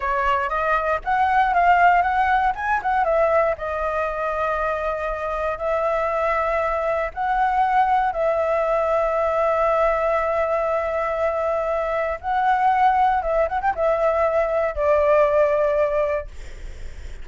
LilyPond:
\new Staff \with { instrumentName = "flute" } { \time 4/4 \tempo 4 = 118 cis''4 dis''4 fis''4 f''4 | fis''4 gis''8 fis''8 e''4 dis''4~ | dis''2. e''4~ | e''2 fis''2 |
e''1~ | e''1 | fis''2 e''8 fis''16 g''16 e''4~ | e''4 d''2. | }